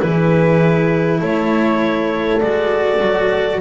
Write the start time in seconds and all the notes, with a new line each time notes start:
0.00 E3 E4 G#4 B4
1.21 A3 A4 C#5
2.41 G#3 F#4 D5
3.02 F#3